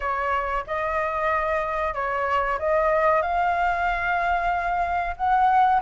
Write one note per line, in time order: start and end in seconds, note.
0.00 0.64 C#5
0.66 1.94 D#5
1.94 2.58 C#5
2.58 3.22 D#5
3.22 5.15 F5
5.16 5.81 F#5